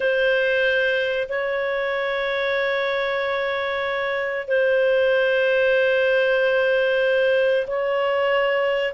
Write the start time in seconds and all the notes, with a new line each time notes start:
0.00 C5
1.29 C#5
4.47 C5
7.67 C#5